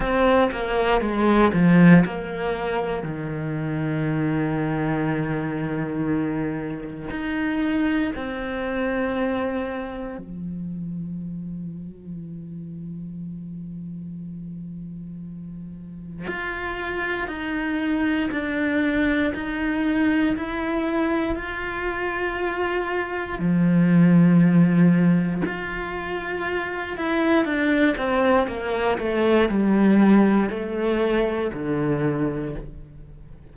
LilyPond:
\new Staff \with { instrumentName = "cello" } { \time 4/4 \tempo 4 = 59 c'8 ais8 gis8 f8 ais4 dis4~ | dis2. dis'4 | c'2 f2~ | f1 |
f'4 dis'4 d'4 dis'4 | e'4 f'2 f4~ | f4 f'4. e'8 d'8 c'8 | ais8 a8 g4 a4 d4 | }